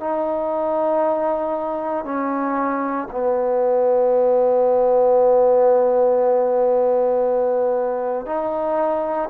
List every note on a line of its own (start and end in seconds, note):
0.00 2.05 D#4
2.05 3.08 C#4
3.11 8.26 B3
8.26 9.29 D#4